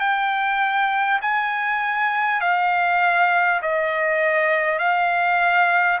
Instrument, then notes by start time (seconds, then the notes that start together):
trumpet
0.00 G5
1.21 G#5
2.41 F5
3.62 D#5
4.78 F5